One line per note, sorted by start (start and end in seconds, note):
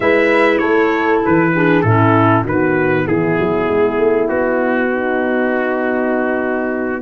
0.00 0.61 G#3
0.00 1.53 E4
0.00 0.60 B4
0.00 0.58 E5
0.58 1.22 A3
0.58 1.52 A4
0.58 1.19 C#5
1.25 1.83 E3
1.25 1.82 B4
1.53 1.84 D4
1.53 1.85 G#4
1.82 2.44 A2
1.82 2.45 C#4
1.82 2.44 E4
1.82 2.43 A4
2.44 3.06 D#3
2.44 7.01 B3
2.44 3.05 F#4
2.44 3.07 B4
3.07 3.37 E3
3.07 4.91 E4
3.07 4.27 G#4
3.39 3.68 F#3
3.68 3.97 G#3
3.97 4.28 A3
4.27 7.01 B3
4.27 7.01 F#4
4.92 7.01 D#4